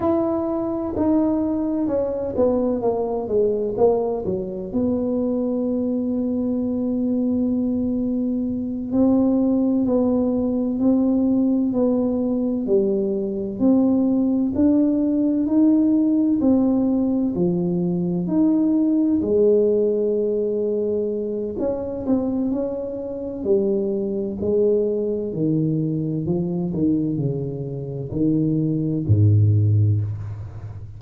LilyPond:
\new Staff \with { instrumentName = "tuba" } { \time 4/4 \tempo 4 = 64 e'4 dis'4 cis'8 b8 ais8 gis8 | ais8 fis8 b2.~ | b4. c'4 b4 c'8~ | c'8 b4 g4 c'4 d'8~ |
d'8 dis'4 c'4 f4 dis'8~ | dis'8 gis2~ gis8 cis'8 c'8 | cis'4 g4 gis4 dis4 | f8 dis8 cis4 dis4 gis,4 | }